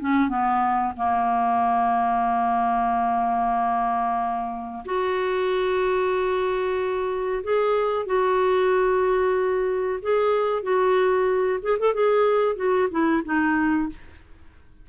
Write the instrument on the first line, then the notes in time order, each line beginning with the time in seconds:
clarinet
0.00 C#4
0.29 B3
0.97 A#3
4.85 F#4
7.43 G#4
8.06 F#4
10.02 G#4
10.63 F#4
11.62 G#4
11.79 A4
11.94 G#4
12.56 F#4
12.91 E4
13.25 D#4